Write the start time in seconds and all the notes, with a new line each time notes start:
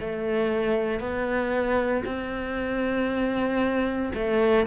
0.00 A3
1.00 B3
2.05 C4
4.14 A3